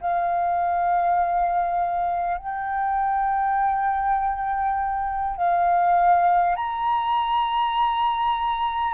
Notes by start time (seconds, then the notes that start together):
0.00 F5
2.37 G5
5.37 F5
6.56 A#5